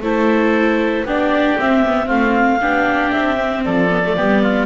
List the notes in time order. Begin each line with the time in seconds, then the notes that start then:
0.00 A3 E4 A4 C5
1.05 B3 D4 G4 D5
1.58 C4 E5
1.86 B3
2.05 A3 C4 F4 F5
2.61 B3 D4 G4
3.11 C4 E5
3.36 C4
3.64 F3 A4 D5
3.90 B3
4.04 A3
4.16 G3 B3 G4
4.43 F4